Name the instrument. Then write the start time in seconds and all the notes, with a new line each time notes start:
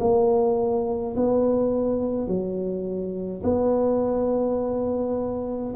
tuba
0.00 A#3
1.16 B3
2.27 F#3
3.44 B3